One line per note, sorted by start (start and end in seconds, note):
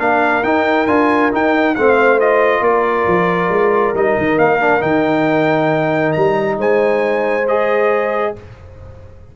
0.00 0.44 A#3
0.00 0.44 D4
0.00 1.76 A#4
0.00 0.44 F5
0.44 0.87 D#4
0.44 0.88 D#4
0.44 0.87 G5
0.87 1.32 D4
0.87 1.32 F4
0.87 1.31 G#5
1.32 1.76 D#4
1.32 1.77 D#4
1.32 1.76 G5
1.76 2.62 A3
1.76 2.21 C4
1.76 2.62 C5
1.76 2.20 F5
2.20 3.96 F4
2.20 2.64 D#5
2.62 3.05 A#3
2.62 6.56 A#4
2.62 3.95 D5
3.08 3.50 F3
3.50 3.93 G#3
3.95 4.17 G3
3.95 4.60 D#4
3.95 4.39 D#5
4.18 4.38 D#3
4.38 4.82 A#3
4.38 4.82 F5
4.60 4.81 D4
4.81 6.14 D#3
4.81 7.44 D#4
4.81 6.13 G5
6.13 6.58 G3
6.13 6.56 A#5
6.58 8.33 G#3
6.58 8.34 C5
6.58 7.48 G#5
7.48 8.36 G#4
7.48 8.36 D#5